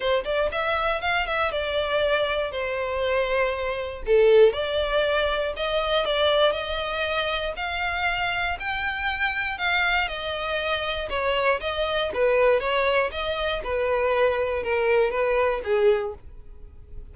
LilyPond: \new Staff \with { instrumentName = "violin" } { \time 4/4 \tempo 4 = 119 c''8 d''8 e''4 f''8 e''8 d''4~ | d''4 c''2. | a'4 d''2 dis''4 | d''4 dis''2 f''4~ |
f''4 g''2 f''4 | dis''2 cis''4 dis''4 | b'4 cis''4 dis''4 b'4~ | b'4 ais'4 b'4 gis'4 | }